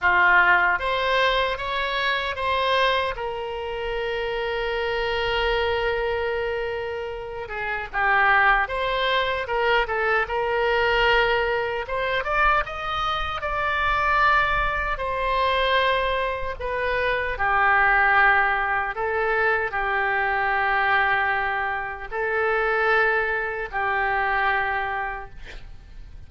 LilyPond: \new Staff \with { instrumentName = "oboe" } { \time 4/4 \tempo 4 = 76 f'4 c''4 cis''4 c''4 | ais'1~ | ais'4. gis'8 g'4 c''4 | ais'8 a'8 ais'2 c''8 d''8 |
dis''4 d''2 c''4~ | c''4 b'4 g'2 | a'4 g'2. | a'2 g'2 | }